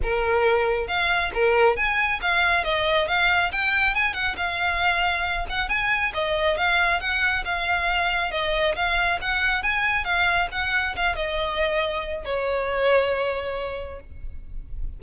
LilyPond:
\new Staff \with { instrumentName = "violin" } { \time 4/4 \tempo 4 = 137 ais'2 f''4 ais'4 | gis''4 f''4 dis''4 f''4 | g''4 gis''8 fis''8 f''2~ | f''8 fis''8 gis''4 dis''4 f''4 |
fis''4 f''2 dis''4 | f''4 fis''4 gis''4 f''4 | fis''4 f''8 dis''2~ dis''8 | cis''1 | }